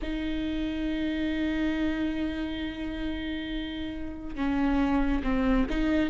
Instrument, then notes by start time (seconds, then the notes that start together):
viola
0.02 D#4
4.35 C#4
5.23 C4
5.69 D#4